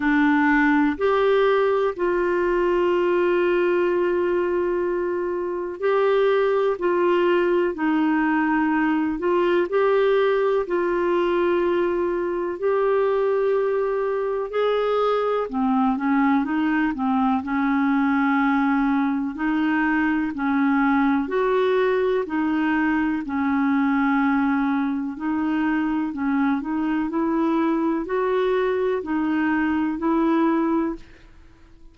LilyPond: \new Staff \with { instrumentName = "clarinet" } { \time 4/4 \tempo 4 = 62 d'4 g'4 f'2~ | f'2 g'4 f'4 | dis'4. f'8 g'4 f'4~ | f'4 g'2 gis'4 |
c'8 cis'8 dis'8 c'8 cis'2 | dis'4 cis'4 fis'4 dis'4 | cis'2 dis'4 cis'8 dis'8 | e'4 fis'4 dis'4 e'4 | }